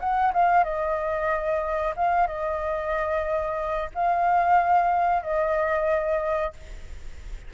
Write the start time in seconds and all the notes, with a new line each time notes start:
0.00 F#5
0.33 F5
0.64 D#5
1.97 F5
2.27 D#5
3.95 F5
5.23 D#5